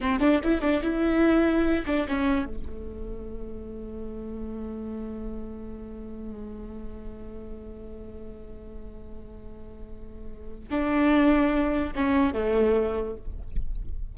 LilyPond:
\new Staff \with { instrumentName = "viola" } { \time 4/4 \tempo 4 = 146 c'8 d'8 e'8 d'8 e'2~ | e'8 d'8 cis'4 a2~ | a1~ | a1~ |
a1~ | a1~ | a2 d'2~ | d'4 cis'4 a2 | }